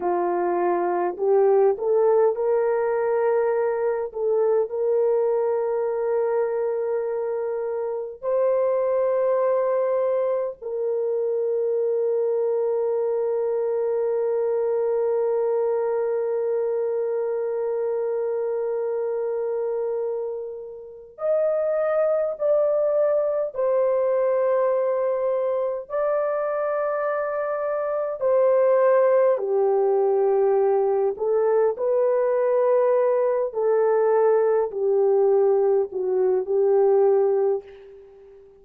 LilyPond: \new Staff \with { instrumentName = "horn" } { \time 4/4 \tempo 4 = 51 f'4 g'8 a'8 ais'4. a'8 | ais'2. c''4~ | c''4 ais'2.~ | ais'1~ |
ais'2 dis''4 d''4 | c''2 d''2 | c''4 g'4. a'8 b'4~ | b'8 a'4 g'4 fis'8 g'4 | }